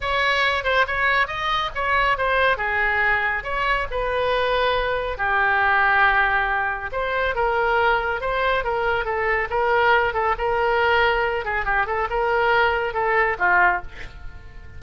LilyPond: \new Staff \with { instrumentName = "oboe" } { \time 4/4 \tempo 4 = 139 cis''4. c''8 cis''4 dis''4 | cis''4 c''4 gis'2 | cis''4 b'2. | g'1 |
c''4 ais'2 c''4 | ais'4 a'4 ais'4. a'8 | ais'2~ ais'8 gis'8 g'8 a'8 | ais'2 a'4 f'4 | }